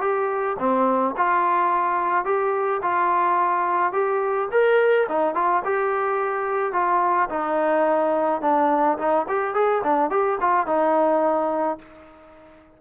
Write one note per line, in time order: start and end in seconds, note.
0.00 0.56 G4
0.58 1.14 C4
1.17 2.25 F4
2.25 2.81 G4
2.82 3.92 F4
3.92 4.48 G4
4.51 5.07 A#4
5.08 5.34 D#4
5.34 5.62 F4
5.64 6.72 G4
6.72 7.28 F4
7.29 8.41 D#4
8.41 8.97 D4
8.98 9.26 D#4
9.28 9.54 G4
9.54 9.82 G#4
9.83 10.10 D4
10.10 10.38 G4
10.40 10.66 F4
10.66 11.78 D#4